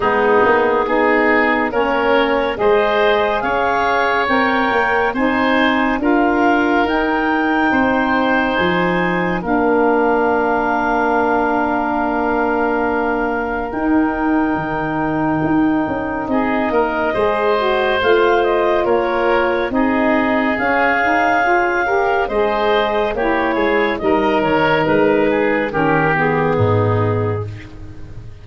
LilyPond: <<
  \new Staff \with { instrumentName = "clarinet" } { \time 4/4 \tempo 4 = 70 gis'2 cis''4 dis''4 | f''4 g''4 gis''4 f''4 | g''2 gis''4 f''4~ | f''1 |
g''2. dis''4~ | dis''4 f''8 dis''8 cis''4 dis''4 | f''2 dis''4 cis''4 | dis''8 cis''8 b'4 ais'8 gis'4. | }
  \new Staff \with { instrumentName = "oboe" } { \time 4/4 dis'4 gis'4 ais'4 c''4 | cis''2 c''4 ais'4~ | ais'4 c''2 ais'4~ | ais'1~ |
ais'2. gis'8 ais'8 | c''2 ais'4 gis'4~ | gis'4. ais'8 c''4 g'8 gis'8 | ais'4. gis'8 g'4 dis'4 | }
  \new Staff \with { instrumentName = "saxophone" } { \time 4/4 b4 dis'4 cis'4 gis'4~ | gis'4 ais'4 dis'4 f'4 | dis'2. d'4~ | d'1 |
dis'1 | gis'8 fis'8 f'2 dis'4 | cis'8 dis'8 f'8 g'8 gis'4 e'4 | dis'2 cis'8 b4. | }
  \new Staff \with { instrumentName = "tuba" } { \time 4/4 gis8 ais8 b4 ais4 gis4 | cis'4 c'8 ais8 c'4 d'4 | dis'4 c'4 f4 ais4~ | ais1 |
dis'4 dis4 dis'8 cis'8 c'8 ais8 | gis4 a4 ais4 c'4 | cis'2 gis4 ais8 gis8 | g8 dis8 gis4 dis4 gis,4 | }
>>